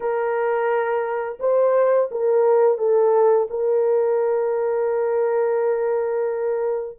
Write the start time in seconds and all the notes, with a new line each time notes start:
0.00 A#4
1.40 C5
2.11 A#4
2.77 A4
3.50 A#4